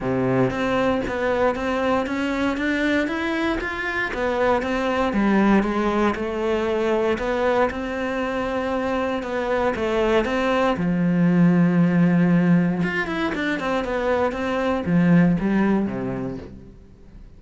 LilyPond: \new Staff \with { instrumentName = "cello" } { \time 4/4 \tempo 4 = 117 c4 c'4 b4 c'4 | cis'4 d'4 e'4 f'4 | b4 c'4 g4 gis4 | a2 b4 c'4~ |
c'2 b4 a4 | c'4 f2.~ | f4 f'8 e'8 d'8 c'8 b4 | c'4 f4 g4 c4 | }